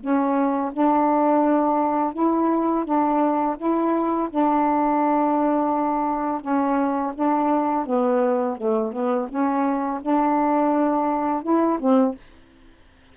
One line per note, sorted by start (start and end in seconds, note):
0.00 0.71 C#4
0.73 2.13 D4
2.13 2.84 E4
2.85 3.56 D4
3.57 4.29 E4
4.30 6.41 D4
6.41 7.12 C#4
7.15 7.85 D4
7.85 8.57 B3
8.57 8.93 A3
8.93 9.28 B3
9.29 10.00 C#4
10.01 11.43 D4
11.43 11.79 E4
11.80 12.15 C4